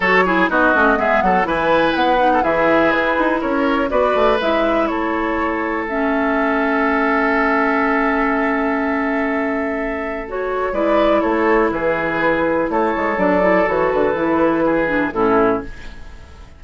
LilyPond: <<
  \new Staff \with { instrumentName = "flute" } { \time 4/4 \tempo 4 = 123 cis''4 dis''4 e''8 fis''8 gis''4 | fis''4 e''4 b'4 cis''4 | d''4 e''4 cis''2 | e''1~ |
e''1~ | e''4 cis''4 d''4 cis''4 | b'2 cis''4 d''4 | cis''8 b'2~ b'8 a'4 | }
  \new Staff \with { instrumentName = "oboe" } { \time 4/4 a'8 gis'8 fis'4 gis'8 a'8 b'4~ | b'8. a'16 gis'2 ais'4 | b'2 a'2~ | a'1~ |
a'1~ | a'2 b'4 a'4 | gis'2 a'2~ | a'2 gis'4 e'4 | }
  \new Staff \with { instrumentName = "clarinet" } { \time 4/4 fis'8 e'8 dis'8 cis'8 b4 e'4~ | e'8 dis'8 e'2. | fis'4 e'2. | cis'1~ |
cis'1~ | cis'4 fis'4 e'2~ | e'2. d'8 e'8 | fis'4 e'4. d'8 cis'4 | }
  \new Staff \with { instrumentName = "bassoon" } { \time 4/4 fis4 b8 a8 gis8 fis8 e4 | b4 e4 e'8 dis'8 cis'4 | b8 a8 gis4 a2~ | a1~ |
a1~ | a2 gis4 a4 | e2 a8 gis8 fis4 | e8 d8 e2 a,4 | }
>>